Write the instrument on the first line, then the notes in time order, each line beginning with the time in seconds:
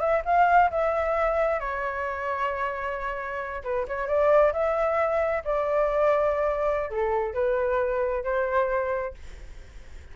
flute
0.00 E5
0.25 F5
0.71 E5
1.60 C#5
3.64 B4
3.88 C#5
4.08 D5
4.53 E5
5.45 D5
6.91 A4
7.34 B4
8.24 C5